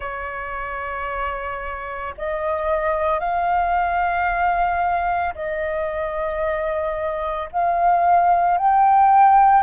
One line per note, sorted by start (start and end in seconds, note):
0.00 2.14 C#5
2.17 3.19 D#5
3.19 5.33 F5
5.35 7.49 D#5
7.51 8.57 F5
8.57 9.63 G5